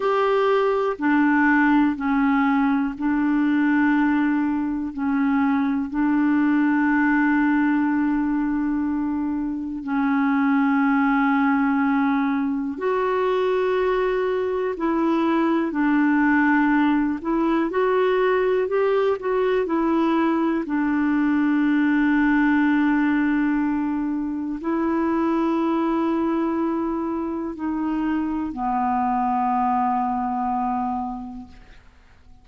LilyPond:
\new Staff \with { instrumentName = "clarinet" } { \time 4/4 \tempo 4 = 61 g'4 d'4 cis'4 d'4~ | d'4 cis'4 d'2~ | d'2 cis'2~ | cis'4 fis'2 e'4 |
d'4. e'8 fis'4 g'8 fis'8 | e'4 d'2.~ | d'4 e'2. | dis'4 b2. | }